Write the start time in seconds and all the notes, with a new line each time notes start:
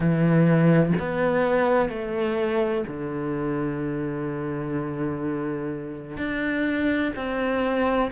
0.00 E3
0.99 B3
1.89 A3
2.87 D3
6.17 D4
7.16 C4